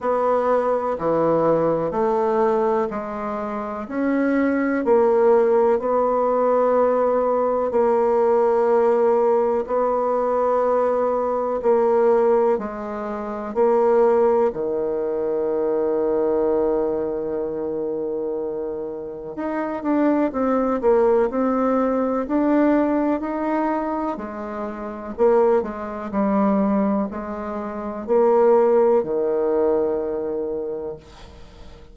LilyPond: \new Staff \with { instrumentName = "bassoon" } { \time 4/4 \tempo 4 = 62 b4 e4 a4 gis4 | cis'4 ais4 b2 | ais2 b2 | ais4 gis4 ais4 dis4~ |
dis1 | dis'8 d'8 c'8 ais8 c'4 d'4 | dis'4 gis4 ais8 gis8 g4 | gis4 ais4 dis2 | }